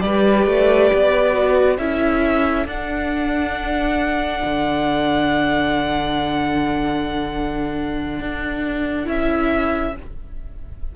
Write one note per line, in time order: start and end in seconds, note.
0.00 0.46 G3
0.00 1.32 G4
0.00 1.79 B4
0.00 1.76 D5
0.46 0.90 A3
0.94 1.78 B3
1.32 1.76 F#4
1.78 2.66 C#4
1.78 2.67 E4
1.78 9.95 A4
1.78 2.66 E5
2.66 4.42 D4
2.66 9.04 D4
2.66 9.07 F#5
4.44 8.19 D3
8.20 9.07 D4
9.04 9.95 C#4
9.04 9.92 E4
9.04 9.96 E5